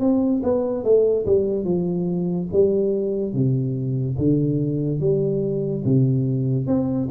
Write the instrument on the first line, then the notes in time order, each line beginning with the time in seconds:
tuba
0.00 C4
0.43 B3
0.84 A3
1.26 G3
1.64 F3
2.52 G3
3.33 C3
4.18 D3
5.00 G3
5.84 C3
6.67 C4